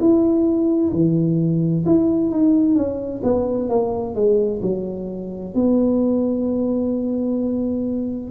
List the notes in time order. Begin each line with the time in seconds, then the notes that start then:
0.00 E4
0.92 E3
1.85 E4
2.30 D#4
2.75 C#4
3.23 B3
3.69 A#3
4.15 G#3
4.62 F#3
5.54 B3